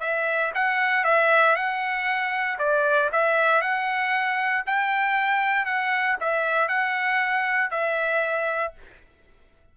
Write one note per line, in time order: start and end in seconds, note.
0.00 0.51 E5
0.55 1.04 F#5
1.04 1.55 E5
1.55 2.58 F#5
2.59 3.10 D5
3.12 3.61 E5
3.61 4.64 F#5
4.66 5.65 G5
5.65 6.16 F#5
6.20 6.68 E5
6.68 7.70 F#5
7.70 8.73 E5